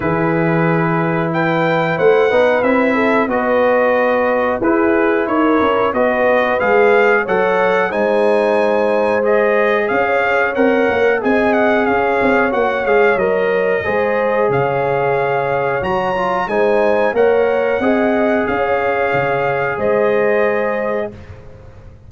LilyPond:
<<
  \new Staff \with { instrumentName = "trumpet" } { \time 4/4 \tempo 4 = 91 b'2 g''4 fis''4 | e''4 dis''2 b'4 | cis''4 dis''4 f''4 fis''4 | gis''2 dis''4 f''4 |
fis''4 gis''8 fis''8 f''4 fis''8 f''8 | dis''2 f''2 | ais''4 gis''4 fis''2 | f''2 dis''2 | }
  \new Staff \with { instrumentName = "horn" } { \time 4/4 gis'2 b'4 c''8 b'8~ | b'8 a'8 b'2 gis'4 | ais'4 b'2 cis''4 | c''2. cis''4~ |
cis''4 dis''4 cis''2~ | cis''4 c''4 cis''2~ | cis''4 c''4 cis''4 dis''4 | cis''2 c''2 | }
  \new Staff \with { instrumentName = "trombone" } { \time 4/4 e'2.~ e'8 dis'8 | e'4 fis'2 e'4~ | e'4 fis'4 gis'4 a'4 | dis'2 gis'2 |
ais'4 gis'2 fis'8 gis'8 | ais'4 gis'2. | fis'8 f'8 dis'4 ais'4 gis'4~ | gis'1 | }
  \new Staff \with { instrumentName = "tuba" } { \time 4/4 e2. a8 b8 | c'4 b2 e'4 | dis'8 cis'8 b4 gis4 fis4 | gis2. cis'4 |
c'8 ais8 c'4 cis'8 c'8 ais8 gis8 | fis4 gis4 cis2 | fis4 gis4 ais4 c'4 | cis'4 cis4 gis2 | }
>>